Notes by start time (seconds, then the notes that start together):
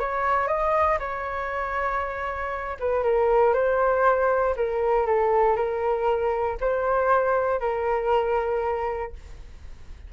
0.00 C#5
0.48 D#5
1.00 C#5
2.80 B4
3.04 A#4
3.54 C5
4.57 A#4
5.07 A4
5.56 A#4
6.61 C5
7.60 A#4